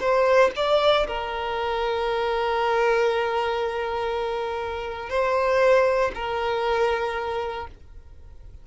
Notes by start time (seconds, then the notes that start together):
0.00 C5
0.56 D5
1.07 A#4
5.09 C5
6.15 A#4